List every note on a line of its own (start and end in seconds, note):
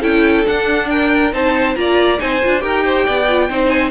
0.00 0.46 C#4
0.00 0.44 E4
0.00 0.86 A4
0.00 0.46 G5
0.47 1.32 D4
0.47 1.33 D4
0.47 0.89 F#5
0.89 1.34 A#4
0.89 1.32 G5
1.32 1.76 C4
1.32 1.75 D#4
1.32 1.77 C5
1.32 1.75 A5
1.75 2.19 A#3
1.75 2.18 F4
1.75 2.21 D5
1.75 2.19 A#5
2.18 2.42 C4
2.18 2.40 D#4
2.18 2.62 C5
2.18 2.60 G#5
2.43 2.63 D4
2.43 2.59 F4
2.59 3.07 D#4
2.59 3.24 G4
2.59 2.84 A#4
2.59 3.68 G5
2.84 3.05 C5
3.05 3.50 B3
3.05 3.49 D5
3.29 3.50 F4
3.49 3.91 C4
3.49 3.91 D#4
3.49 3.91 C5
3.69 3.90 G#5